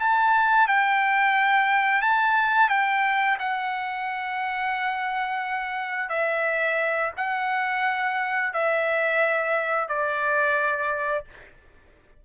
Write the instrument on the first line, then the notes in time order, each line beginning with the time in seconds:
trumpet
0.00 A5
0.68 G5
2.02 A5
2.70 G5
3.40 F#5
6.10 E5
7.17 F#5
8.54 E5
9.89 D5